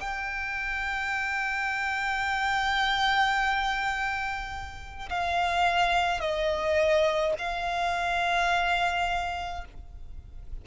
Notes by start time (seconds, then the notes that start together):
0.00 G5
5.10 F5
6.21 D#5
7.39 F5